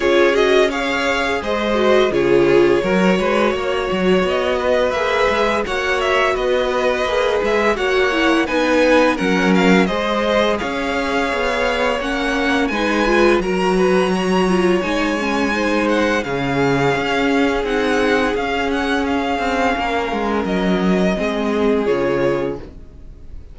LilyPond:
<<
  \new Staff \with { instrumentName = "violin" } { \time 4/4 \tempo 4 = 85 cis''8 dis''8 f''4 dis''4 cis''4~ | cis''2 dis''4 e''4 | fis''8 e''8 dis''4. e''8 fis''4 | gis''4 fis''8 f''8 dis''4 f''4~ |
f''4 fis''4 gis''4 ais''4~ | ais''4 gis''4. fis''8 f''4~ | f''4 fis''4 f''8 fis''8 f''4~ | f''4 dis''2 cis''4 | }
  \new Staff \with { instrumentName = "violin" } { \time 4/4 gis'4 cis''4 c''4 gis'4 | ais'8 b'8 cis''4. b'4. | cis''4 b'2 cis''4 | b'4 ais'4 c''4 cis''4~ |
cis''2 b'4 ais'8 b'8 | cis''2 c''4 gis'4~ | gis'1 | ais'2 gis'2 | }
  \new Staff \with { instrumentName = "viola" } { \time 4/4 f'8 fis'8 gis'4. fis'8 f'4 | fis'2. gis'4 | fis'2 gis'4 fis'8 e'8 | dis'4 cis'4 gis'2~ |
gis'4 cis'4 dis'8 f'8 fis'4~ | fis'8 f'8 dis'8 cis'8 dis'4 cis'4~ | cis'4 dis'4 cis'2~ | cis'2 c'4 f'4 | }
  \new Staff \with { instrumentName = "cello" } { \time 4/4 cis'2 gis4 cis4 | fis8 gis8 ais8 fis8 b4 ais8 gis8 | ais4 b4 ais8 gis8 ais4 | b4 fis4 gis4 cis'4 |
b4 ais4 gis4 fis4~ | fis4 gis2 cis4 | cis'4 c'4 cis'4. c'8 | ais8 gis8 fis4 gis4 cis4 | }
>>